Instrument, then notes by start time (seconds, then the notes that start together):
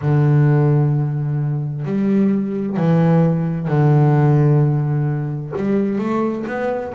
double bass
0.01 D3
1.85 G3
2.77 E3
3.67 D3
5.56 G3
5.98 A3
6.46 B3